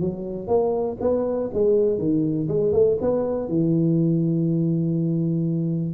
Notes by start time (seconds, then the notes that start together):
0.00 F#3
0.47 A#3
1.00 B3
1.53 G#3
1.98 D#3
2.48 G#3
2.73 A3
3.01 B3
3.48 E3